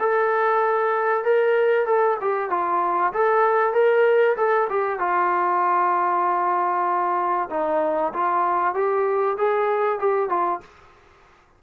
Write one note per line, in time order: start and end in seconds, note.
0.00 1.25 A4
1.25 1.86 A#4
1.86 2.17 A4
2.21 2.51 G4
2.51 3.13 F4
3.13 3.74 A4
3.74 4.36 A#4
4.37 4.68 A4
4.70 5.00 G4
5.00 7.50 F4
7.51 8.13 D#4
8.13 8.75 F4
8.75 9.37 G4
9.38 10.00 G#4
10.00 10.30 G4
10.30 10.61 F4